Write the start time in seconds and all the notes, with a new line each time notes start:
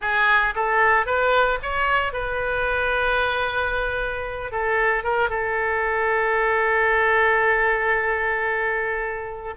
0.01 G#4
0.55 A4
1.05 B4
1.62 C#5
2.12 B4
4.51 A4
5.03 A#4
5.29 A4